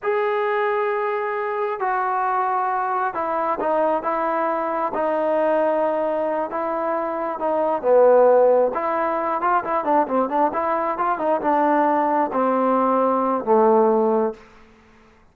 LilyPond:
\new Staff \with { instrumentName = "trombone" } { \time 4/4 \tempo 4 = 134 gis'1 | fis'2. e'4 | dis'4 e'2 dis'4~ | dis'2~ dis'8 e'4.~ |
e'8 dis'4 b2 e'8~ | e'4 f'8 e'8 d'8 c'8 d'8 e'8~ | e'8 f'8 dis'8 d'2 c'8~ | c'2 a2 | }